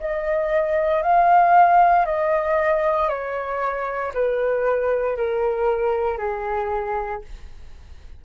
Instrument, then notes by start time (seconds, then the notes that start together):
flute
0.00 D#5
1.02 F5
2.05 D#5
3.09 C#5
4.14 B4
5.17 A#4
6.18 G#4